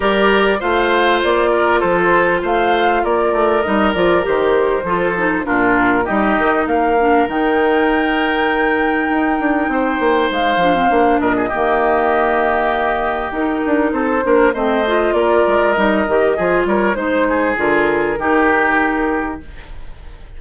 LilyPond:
<<
  \new Staff \with { instrumentName = "flute" } { \time 4/4 \tempo 4 = 99 d''4 f''4 d''4 c''4 | f''4 d''4 dis''8 d''8 c''4~ | c''4 ais'4 dis''4 f''4 | g''1~ |
g''4 f''4. dis''4.~ | dis''2 ais'4 c''4 | dis''4 d''4 dis''4. cis''8 | c''4 ais'2. | }
  \new Staff \with { instrumentName = "oboe" } { \time 4/4 ais'4 c''4. ais'8 a'4 | c''4 ais'2. | a'4 f'4 g'4 ais'4~ | ais'1 |
c''2~ c''8 ais'16 gis'16 g'4~ | g'2. a'8 ais'8 | c''4 ais'2 gis'8 ais'8 | c''8 gis'4. g'2 | }
  \new Staff \with { instrumentName = "clarinet" } { \time 4/4 g'4 f'2.~ | f'2 dis'8 f'8 g'4 | f'8 dis'8 d'4 dis'4. d'8 | dis'1~ |
dis'4. d'16 c'16 d'4 ais4~ | ais2 dis'4. d'8 | c'8 f'4. dis'8 g'8 f'4 | dis'4 f'4 dis'2 | }
  \new Staff \with { instrumentName = "bassoon" } { \time 4/4 g4 a4 ais4 f4 | a4 ais8 a8 g8 f8 dis4 | f4 ais,4 g8 dis8 ais4 | dis2. dis'8 d'8 |
c'8 ais8 gis8 f8 ais8 ais,8 dis4~ | dis2 dis'8 d'8 c'8 ais8 | a4 ais8 gis8 g8 dis8 f8 g8 | gis4 d4 dis2 | }
>>